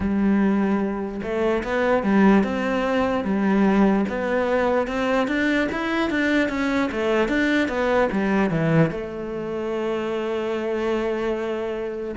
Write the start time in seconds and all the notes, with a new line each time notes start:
0.00 G3
1.22 A3
1.63 B3
2.03 G3
2.43 C4
3.24 G3
4.08 B3
4.87 C4
5.27 D4
5.72 E4
6.10 D4
6.49 C#4
6.91 A3
7.28 D4
7.68 B3
8.11 G3
8.50 E3
8.90 A3